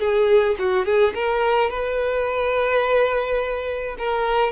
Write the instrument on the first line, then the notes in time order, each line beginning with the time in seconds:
violin
0.00 G#4
0.59 F#4
0.86 G#4
1.15 A#4
1.70 B4
3.99 A#4